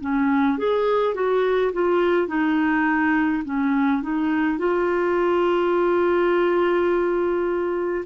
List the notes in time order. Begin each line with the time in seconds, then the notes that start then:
0.00 C#4
0.58 G#4
1.14 F#4
1.73 F4
2.27 D#4
3.44 C#4
4.02 D#4
4.58 F4